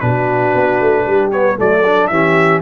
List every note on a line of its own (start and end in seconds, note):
0.00 0.54 B2
0.00 1.32 D4
0.00 1.03 F#4
0.00 1.30 B4
0.55 0.81 B3
0.81 1.06 A3
1.03 1.58 G3
1.03 1.56 G4
1.32 1.57 B3
1.32 1.58 C#5
1.57 2.10 F#3
1.57 1.83 A3
1.57 2.10 A4
1.57 2.07 D5
1.86 2.12 D4
2.07 2.62 E3
2.07 2.62 C#4
2.07 2.62 G4
2.07 2.59 E5